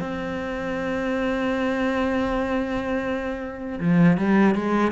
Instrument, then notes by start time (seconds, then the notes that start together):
cello
0.00 C4
3.81 F3
4.18 G3
4.55 G#3